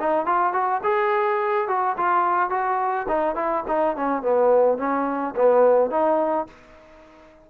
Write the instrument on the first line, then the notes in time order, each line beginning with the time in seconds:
trombone
0.00 D#4
0.26 F4
0.53 F#4
0.84 G#4
1.68 F#4
1.97 F4
2.50 F#4
3.08 D#4
3.36 E4
3.68 D#4
3.96 C#4
4.22 B3
4.78 C#4
5.36 B3
5.91 D#4